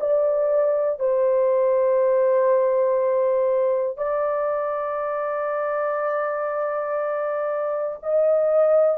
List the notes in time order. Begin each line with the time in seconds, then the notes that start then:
0.00 D5
0.99 C5
3.97 D5
8.02 D#5